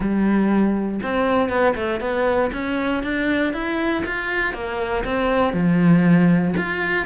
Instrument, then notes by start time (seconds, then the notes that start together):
cello
0.00 G3
1.02 C4
1.49 B3
1.75 A3
2.00 B3
2.52 C#4
3.03 D4
3.53 E4
4.05 F4
4.53 A#3
5.04 C4
5.53 F3
6.57 F4